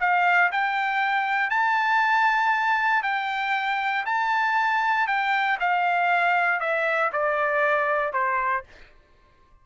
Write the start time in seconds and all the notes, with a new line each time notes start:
0.00 F5
0.52 G5
1.50 A5
3.03 G5
4.06 A5
5.08 G5
5.60 F5
6.60 E5
7.13 D5
8.13 C5